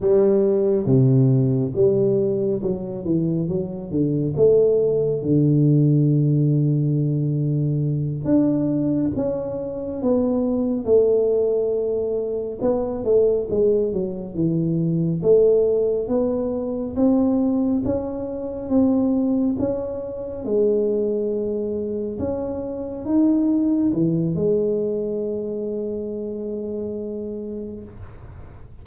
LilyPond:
\new Staff \with { instrumentName = "tuba" } { \time 4/4 \tempo 4 = 69 g4 c4 g4 fis8 e8 | fis8 d8 a4 d2~ | d4. d'4 cis'4 b8~ | b8 a2 b8 a8 gis8 |
fis8 e4 a4 b4 c'8~ | c'8 cis'4 c'4 cis'4 gis8~ | gis4. cis'4 dis'4 e8 | gis1 | }